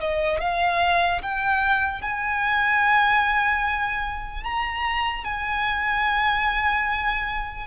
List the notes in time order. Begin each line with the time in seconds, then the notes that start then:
0.00 D#5
0.41 F5
1.22 G5
2.02 G#5
4.43 A#5
5.24 G#5